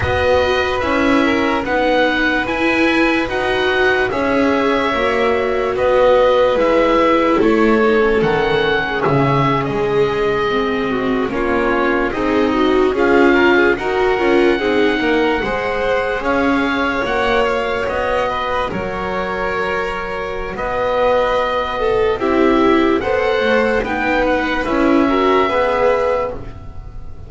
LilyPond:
<<
  \new Staff \with { instrumentName = "oboe" } { \time 4/4 \tempo 4 = 73 dis''4 e''4 fis''4 gis''4 | fis''4 e''2 dis''4 | e''4 cis''4 fis''4 e''8. dis''16~ | dis''4.~ dis''16 cis''4 dis''4 f''16~ |
f''8. fis''2. f''16~ | f''8. fis''8 f''8 dis''4 cis''4~ cis''16~ | cis''4 dis''2 e''4 | fis''4 g''8 fis''8 e''2 | }
  \new Staff \with { instrumentName = "violin" } { \time 4/4 b'4. ais'8 b'2~ | b'4 cis''2 b'4~ | b'4 a'4.~ a'16 gis'4~ gis'16~ | gis'4~ gis'16 fis'8 f'4 dis'4 gis'16~ |
gis'16 ais'16 gis'16 ais'4 gis'8 ais'8 c''4 cis''16~ | cis''2~ cis''16 b'8 ais'4~ ais'16~ | ais'4 b'4. a'8 g'4 | c''4 b'4. ais'8 b'4 | }
  \new Staff \with { instrumentName = "viola" } { \time 4/4 fis'4 e'4 dis'4 e'4 | fis'4 gis'4 fis'2 | e'4. dis'16 cis'2~ cis'16~ | cis'8. c'4 cis'4 gis'8 fis'8 f'16~ |
f'8. fis'8 f'8 dis'4 gis'4~ gis'16~ | gis'8. fis'2.~ fis'16~ | fis'2. e'4 | a'4 dis'4 e'8 fis'8 gis'4 | }
  \new Staff \with { instrumentName = "double bass" } { \time 4/4 b4 cis'4 b4 e'4 | dis'4 cis'4 ais4 b4 | gis4 a4 dis4 cis8. gis16~ | gis4.~ gis16 ais4 c'4 cis'16~ |
cis'8. dis'8 cis'8 c'8 ais8 gis4 cis'16~ | cis'8. ais4 b4 fis4~ fis16~ | fis4 b2 c'4 | b8 a8 b4 cis'4 b4 | }
>>